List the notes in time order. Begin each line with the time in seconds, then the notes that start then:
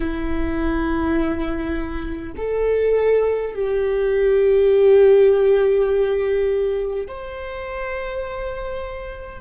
0.00 E4
2.36 A4
3.54 G4
7.07 C5